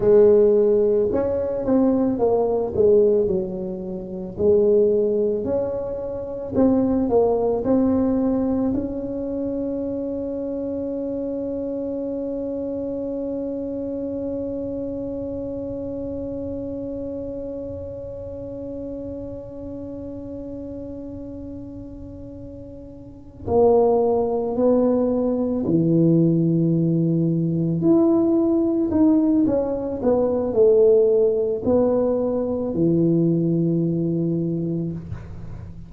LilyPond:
\new Staff \with { instrumentName = "tuba" } { \time 4/4 \tempo 4 = 55 gis4 cis'8 c'8 ais8 gis8 fis4 | gis4 cis'4 c'8 ais8 c'4 | cis'1~ | cis'1~ |
cis'1~ | cis'4. ais4 b4 e8~ | e4. e'4 dis'8 cis'8 b8 | a4 b4 e2 | }